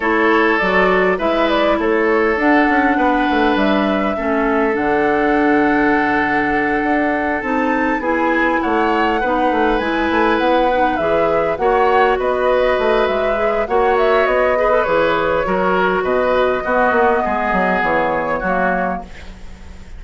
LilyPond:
<<
  \new Staff \with { instrumentName = "flute" } { \time 4/4 \tempo 4 = 101 cis''4 d''4 e''8 d''8 cis''4 | fis''2 e''2 | fis''1~ | fis''8 a''4 gis''4 fis''4.~ |
fis''8 gis''4 fis''4 e''4 fis''8~ | fis''8 dis''4. e''4 fis''8 e''8 | dis''4 cis''2 dis''4~ | dis''2 cis''2 | }
  \new Staff \with { instrumentName = "oboe" } { \time 4/4 a'2 b'4 a'4~ | a'4 b'2 a'4~ | a'1~ | a'4. gis'4 cis''4 b'8~ |
b'2.~ b'8 cis''8~ | cis''8 b'2~ b'8 cis''4~ | cis''8 b'4. ais'4 b'4 | fis'4 gis'2 fis'4 | }
  \new Staff \with { instrumentName = "clarinet" } { \time 4/4 e'4 fis'4 e'2 | d'2. cis'4 | d'1~ | d'8 dis'4 e'2 dis'8~ |
dis'8 e'4. dis'8 gis'4 fis'8~ | fis'2~ fis'8 gis'8 fis'4~ | fis'8 gis'16 a'16 gis'4 fis'2 | b2. ais4 | }
  \new Staff \with { instrumentName = "bassoon" } { \time 4/4 a4 fis4 gis4 a4 | d'8 cis'8 b8 a8 g4 a4 | d2.~ d8 d'8~ | d'8 c'4 b4 a4 b8 |
a8 gis8 a8 b4 e4 ais8~ | ais8 b4 a8 gis4 ais4 | b4 e4 fis4 b,4 | b8 ais8 gis8 fis8 e4 fis4 | }
>>